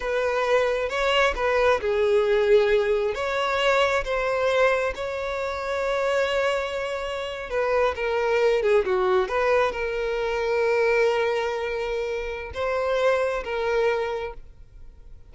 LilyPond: \new Staff \with { instrumentName = "violin" } { \time 4/4 \tempo 4 = 134 b'2 cis''4 b'4 | gis'2. cis''4~ | cis''4 c''2 cis''4~ | cis''1~ |
cis''8. b'4 ais'4. gis'8 fis'16~ | fis'8. b'4 ais'2~ ais'16~ | ais'1 | c''2 ais'2 | }